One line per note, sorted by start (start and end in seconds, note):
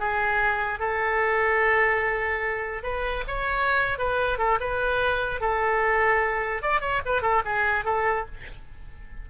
0.00 0.80 G#4
0.80 2.83 A4
2.83 3.24 B4
3.28 3.99 C#5
3.99 4.38 B4
4.38 4.59 A4
4.61 5.41 B4
5.41 6.63 A4
6.63 6.81 D5
6.81 7.02 C#5
7.06 7.22 B4
7.22 7.43 A4
7.45 7.85 G#4
7.85 8.26 A4